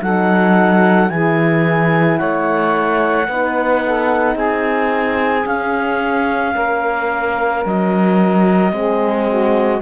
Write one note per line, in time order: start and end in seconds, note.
0.00 1.10 F#3
0.00 1.08 D#4
0.00 1.10 A4
0.00 1.09 F#5
1.08 2.19 E3
1.08 3.26 E4
1.08 2.17 G#4
1.08 2.17 G#5
2.17 3.28 A3
2.17 3.27 C#5
2.17 4.35 F#5
3.28 4.35 B3
3.28 5.44 D#4
3.28 3.83 B4
3.85 4.34 A4
4.34 5.44 C4
4.34 6.52 G#4
4.34 5.47 G#5
5.44 8.70 C#4
5.44 6.55 C#4
5.44 7.65 F5
6.55 7.65 A#3
6.55 8.73 A#4
7.65 8.72 F#3
7.65 9.82 D#5
8.70 9.81 G#3
8.70 9.80 C4
8.77 9.28 G#4
9.28 9.82 F#4